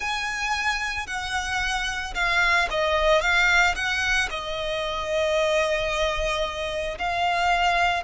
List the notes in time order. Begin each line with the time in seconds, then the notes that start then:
0.00 G#5
1.07 F#5
2.14 F5
2.70 D#5
3.21 F5
3.75 F#5
4.30 D#5
6.98 F5